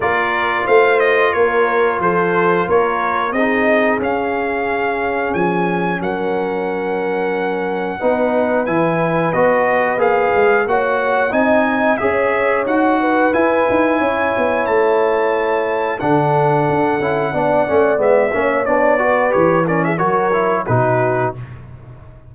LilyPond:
<<
  \new Staff \with { instrumentName = "trumpet" } { \time 4/4 \tempo 4 = 90 d''4 f''8 dis''8 cis''4 c''4 | cis''4 dis''4 f''2 | gis''4 fis''2.~ | fis''4 gis''4 dis''4 f''4 |
fis''4 gis''4 e''4 fis''4 | gis''2 a''2 | fis''2. e''4 | d''4 cis''8 d''16 e''16 cis''4 b'4 | }
  \new Staff \with { instrumentName = "horn" } { \time 4/4 ais'4 c''4 ais'4 a'4 | ais'4 gis'2.~ | gis'4 ais'2. | b'1 |
cis''4 dis''4 cis''4. b'8~ | b'4 cis''2. | a'2 d''4. cis''8~ | cis''8 b'4 ais'16 gis'16 ais'4 fis'4 | }
  \new Staff \with { instrumentName = "trombone" } { \time 4/4 f'1~ | f'4 dis'4 cis'2~ | cis'1 | dis'4 e'4 fis'4 gis'4 |
fis'4 dis'4 gis'4 fis'4 | e'1 | d'4. e'8 d'8 cis'8 b8 cis'8 | d'8 fis'8 g'8 cis'8 fis'8 e'8 dis'4 | }
  \new Staff \with { instrumentName = "tuba" } { \time 4/4 ais4 a4 ais4 f4 | ais4 c'4 cis'2 | f4 fis2. | b4 e4 b4 ais8 gis8 |
ais4 c'4 cis'4 dis'4 | e'8 dis'8 cis'8 b8 a2 | d4 d'8 cis'8 b8 a8 gis8 ais8 | b4 e4 fis4 b,4 | }
>>